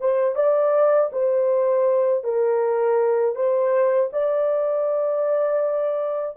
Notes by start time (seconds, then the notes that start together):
0.00 C5
0.35 D5
1.12 C5
2.23 A#4
3.35 C5
4.12 D5